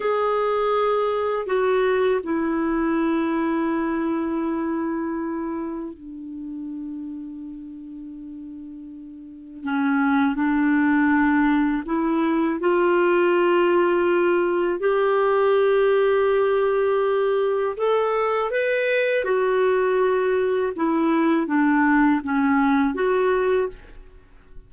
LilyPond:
\new Staff \with { instrumentName = "clarinet" } { \time 4/4 \tempo 4 = 81 gis'2 fis'4 e'4~ | e'1 | d'1~ | d'4 cis'4 d'2 |
e'4 f'2. | g'1 | a'4 b'4 fis'2 | e'4 d'4 cis'4 fis'4 | }